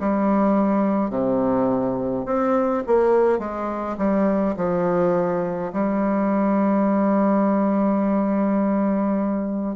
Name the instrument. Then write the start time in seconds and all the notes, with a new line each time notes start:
bassoon
0.00 G3
1.10 C3
2.26 C4
2.87 A#3
3.39 G#3
3.98 G3
4.57 F3
5.73 G3